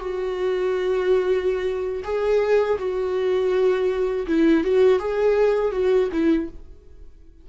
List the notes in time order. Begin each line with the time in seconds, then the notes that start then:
0.00 F#4
2.04 G#4
2.79 F#4
4.28 E4
4.64 F#4
5.00 G#4
5.72 F#4
6.12 E4